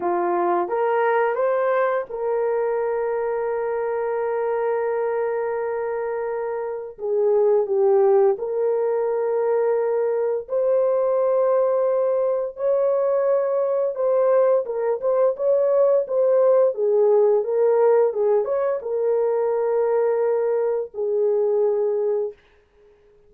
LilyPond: \new Staff \with { instrumentName = "horn" } { \time 4/4 \tempo 4 = 86 f'4 ais'4 c''4 ais'4~ | ais'1~ | ais'2 gis'4 g'4 | ais'2. c''4~ |
c''2 cis''2 | c''4 ais'8 c''8 cis''4 c''4 | gis'4 ais'4 gis'8 cis''8 ais'4~ | ais'2 gis'2 | }